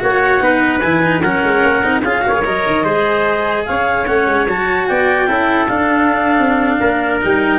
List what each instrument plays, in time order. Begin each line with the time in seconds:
0.00 tuba A#3, cello F#4, trumpet C#5, clarinet F#5
0.41 tuba B3, cello D#4, trumpet B4
0.80 tuba E3, cello E4, clarinet G#5
1.03 cello D#4
1.21 tuba F#3, cello C#4, trumpet A#4, clarinet F#5
1.44 tuba G#3
1.63 tuba A#3
1.83 tuba C4, cello D#4
2.03 tuba C#4, cello F4, trumpet G#4, clarinet F5
2.22 tuba A#3, cello F#4, trumpet C#5
2.33 cello G#4
2.45 tuba F#3, cello A#4, clarinet D#5
2.67 tuba D#3
2.84 tuba G#3, cello G#4, trumpet C5
3.66 tuba C#4, trumpet C#5, clarinet F5
4.06 tuba A3, cello C#4, clarinet F#5
4.27 tuba G#3
4.48 tuba F#3, cello F#4, clarinet A5
4.88 tuba B3, trumpet D5, clarinet G5
5.28 tuba C#4, cello E4, trumpet A4
5.68 cello D4, tuba D4, clarinet F5
6.39 tuba C4
6.80 tuba A#3, trumpet A#4
7.21 tuba G3, cello D#4, clarinet G5